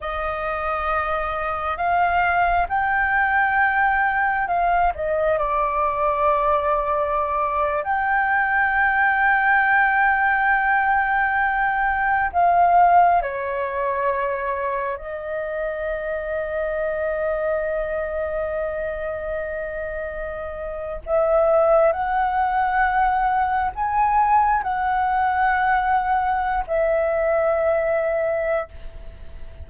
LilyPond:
\new Staff \with { instrumentName = "flute" } { \time 4/4 \tempo 4 = 67 dis''2 f''4 g''4~ | g''4 f''8 dis''8 d''2~ | d''8. g''2.~ g''16~ | g''4.~ g''16 f''4 cis''4~ cis''16~ |
cis''8. dis''2.~ dis''16~ | dis''2.~ dis''8 e''8~ | e''8 fis''2 gis''4 fis''8~ | fis''4.~ fis''16 e''2~ e''16 | }